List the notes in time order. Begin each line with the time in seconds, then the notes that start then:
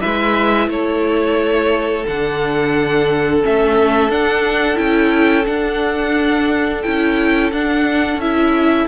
0.00 G#3 E4 B4 E5
0.68 A3 A4 C#5
2.06 D3 D4 F#5
3.42 A3 C#4 E5
4.09 D4 F#5
4.75 C#4 E4 G5
5.45 D4 F#5
6.82 C#4 E4 G5
7.52 D4 F#5
8.16 C#4 E4 E5